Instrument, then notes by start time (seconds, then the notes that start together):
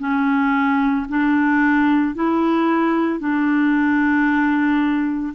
clarinet
0.00 C#4
1.09 D4
2.15 E4
3.20 D4